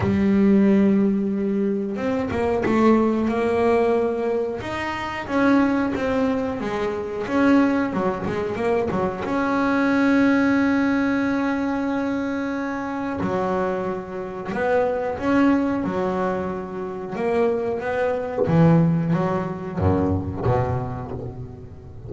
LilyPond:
\new Staff \with { instrumentName = "double bass" } { \time 4/4 \tempo 4 = 91 g2. c'8 ais8 | a4 ais2 dis'4 | cis'4 c'4 gis4 cis'4 | fis8 gis8 ais8 fis8 cis'2~ |
cis'1 | fis2 b4 cis'4 | fis2 ais4 b4 | e4 fis4 fis,4 b,4 | }